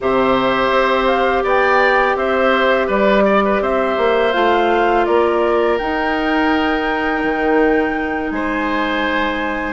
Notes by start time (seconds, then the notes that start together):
0.00 C3 G4 C5 E5
0.70 C4
1.06 F5
1.43 B3 D5 G5
2.15 C4 C5 E5
2.87 G3 B4 D5
3.25 D5
3.44 B4
3.60 C4 C5 E5
3.97 A#3
4.33 A3 F4 F5
5.05 A#3 A#4 D5
5.77 D#4 G5
7.23 D#3
8.30 G#3 C5 G#5